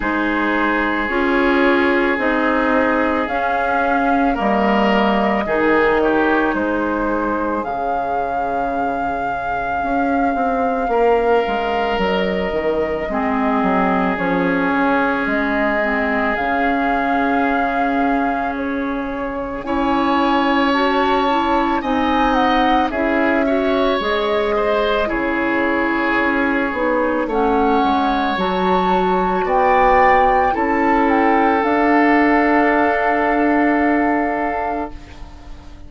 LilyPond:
<<
  \new Staff \with { instrumentName = "flute" } { \time 4/4 \tempo 4 = 55 c''4 cis''4 dis''4 f''4 | dis''4. cis''8 c''4 f''4~ | f''2. dis''4~ | dis''4 cis''4 dis''4 f''4~ |
f''4 cis''4 gis''4 a''4 | gis''8 fis''8 e''4 dis''4 cis''4~ | cis''4 fis''4 a''4 g''4 | a''8 g''8 f''2. | }
  \new Staff \with { instrumentName = "oboe" } { \time 4/4 gis'1 | ais'4 gis'8 g'8 gis'2~ | gis'2 ais'2 | gis'1~ |
gis'2 cis''2 | dis''4 gis'8 cis''4 c''8 gis'4~ | gis'4 cis''2 d''4 | a'1 | }
  \new Staff \with { instrumentName = "clarinet" } { \time 4/4 dis'4 f'4 dis'4 cis'4 | ais4 dis'2 cis'4~ | cis'1 | c'4 cis'4. c'8 cis'4~ |
cis'2 e'4 fis'8 e'8 | dis'4 e'8 fis'8 gis'4 e'4~ | e'8 dis'8 cis'4 fis'2 | e'4 d'2. | }
  \new Staff \with { instrumentName = "bassoon" } { \time 4/4 gis4 cis'4 c'4 cis'4 | g4 dis4 gis4 cis4~ | cis4 cis'8 c'8 ais8 gis8 fis8 dis8 | gis8 fis8 f8 cis8 gis4 cis4~ |
cis2 cis'2 | c'4 cis'4 gis4 cis4 | cis'8 b8 a8 gis8 fis4 b4 | cis'4 d'2. | }
>>